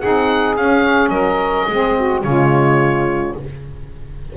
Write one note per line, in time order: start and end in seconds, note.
0.00 0.57 C4
0.00 0.57 D#4
0.00 1.11 G#4
0.00 0.56 F#5
0.56 1.09 C#4
0.56 1.70 C#4
0.56 1.09 F5
1.09 1.64 F#3
1.09 1.66 A#4
1.09 2.20 D#5
1.68 2.24 G#3
1.68 2.25 C4
1.68 1.97 G#4
1.97 2.25 F#4
2.23 3.35 C#3
2.23 3.36 G#3
2.23 3.37 F4
2.23 3.34 C#5